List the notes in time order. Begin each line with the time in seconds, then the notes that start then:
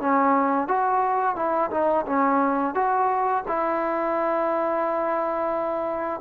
0.00 C#4
0.68 F#4
1.36 E4
1.71 D#4
2.06 C#4
2.75 F#4
3.48 E4